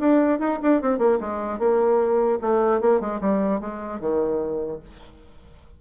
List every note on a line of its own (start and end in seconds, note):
0.00 0.39 D4
0.39 0.59 D#4
0.63 0.82 D4
0.82 0.99 C4
0.99 1.19 A#3
1.21 1.59 G#3
1.59 2.39 A#3
2.41 2.81 A3
2.81 3.01 A#3
3.01 3.21 G#3
3.21 3.61 G3
3.61 4.00 G#3
4.00 4.80 D#3